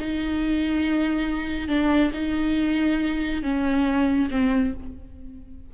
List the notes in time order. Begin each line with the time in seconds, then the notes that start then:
0.00 D#4
1.69 D4
2.14 D#4
3.43 C#4
4.31 C4